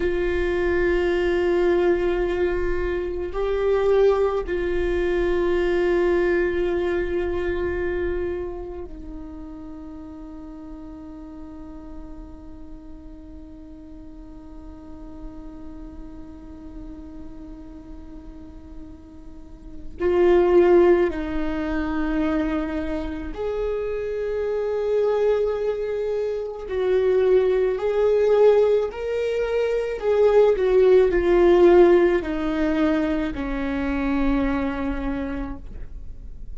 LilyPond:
\new Staff \with { instrumentName = "viola" } { \time 4/4 \tempo 4 = 54 f'2. g'4 | f'1 | dis'1~ | dis'1~ |
dis'2 f'4 dis'4~ | dis'4 gis'2. | fis'4 gis'4 ais'4 gis'8 fis'8 | f'4 dis'4 cis'2 | }